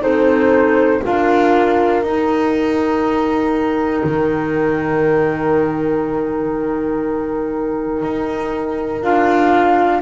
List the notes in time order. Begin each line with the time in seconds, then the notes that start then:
0.00 C4 D#4 A4 C5
1.03 D4 F4 A#4 F5
2.02 D#4 G5
4.03 D#3
8.03 D#4
9.02 D4 F4 F5